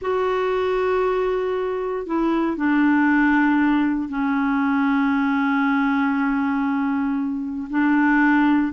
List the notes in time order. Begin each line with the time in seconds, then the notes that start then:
0.01 F#4
2.06 E4
2.56 D4
4.08 C#4
7.70 D4